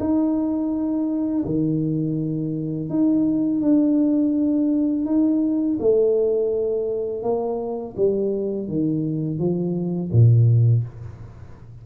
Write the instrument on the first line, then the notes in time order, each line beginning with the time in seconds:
tuba
0.00 D#4
1.45 D#3
2.90 D#4
3.62 D4
5.06 D#4
5.80 A3
7.23 A#3
7.97 G3
8.68 D#3
9.39 F3
10.12 A#2